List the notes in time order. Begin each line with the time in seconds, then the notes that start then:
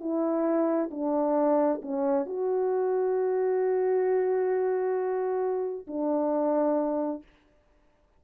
0.00 E4
0.91 D4
1.82 C#4
2.26 F#4
5.87 D4